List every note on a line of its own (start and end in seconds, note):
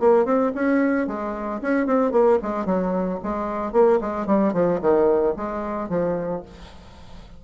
0.00 0.26 A#3
0.26 0.53 C4
0.55 1.07 C#4
1.07 1.61 G#3
1.62 1.87 C#4
1.87 2.12 C4
2.12 2.39 A#3
2.43 2.66 G#3
2.66 3.20 F#3
3.24 3.73 G#3
3.73 4.00 A#3
4.01 4.27 G#3
4.27 4.54 G3
4.54 4.80 F3
4.81 5.35 D#3
5.37 5.90 G#3
5.90 6.43 F3